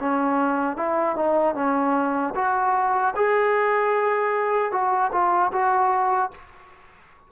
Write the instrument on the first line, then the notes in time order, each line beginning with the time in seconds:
trombone
0.00 C#4
0.76 E4
1.16 D#4
1.55 C#4
2.35 F#4
3.16 G#4
4.72 F#4
5.12 F4
5.52 F#4